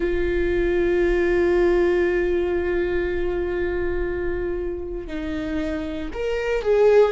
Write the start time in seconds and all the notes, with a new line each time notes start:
0.00 F4
5.07 D#4
6.13 A#4
6.61 G#4